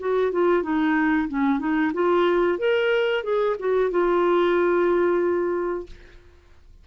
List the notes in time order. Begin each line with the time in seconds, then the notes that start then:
0.00 F#4
0.32 F4
0.63 D#4
1.29 C#4
1.60 D#4
1.94 F4
2.59 A#4
3.24 G#4
3.60 F#4
3.91 F4